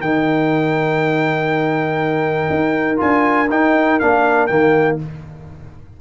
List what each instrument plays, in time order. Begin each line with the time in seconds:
0.00 tuba D#3, trombone D#4, horn A#4, trumpet G5
2.49 tuba D#4
2.96 tuba D4, trombone F4, trumpet G#5
3.49 tuba D#4, trombone D#4, trumpet G5
3.99 tuba A#3, trombone D4, trumpet F5
4.46 tuba D#3, trombone A#3, trumpet G5